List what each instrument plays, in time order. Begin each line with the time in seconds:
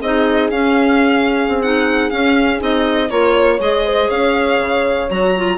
0.00 bassoon C4, clarinet D#4, horn G#4, violin D#5
0.50 bassoon C#4, clarinet C#4, violin F5
1.48 bassoon C4
1.62 clarinet D#4, violin F#5
2.10 clarinet C#4, bassoon C#4, violin F5
2.59 bassoon C4, clarinet D#4, violin D#5
3.10 bassoon A#3, clarinet F4, horn A#4, violin C#5
3.36 horn C#5
3.60 bassoon G#3, clarinet G#4, violin D#5
3.85 horn C5
4.08 bassoon C#4, horn C#5, violin F5
4.59 bassoon C#3
5.10 bassoon F#3, clarinet F#4, violin A#5
5.37 clarinet F4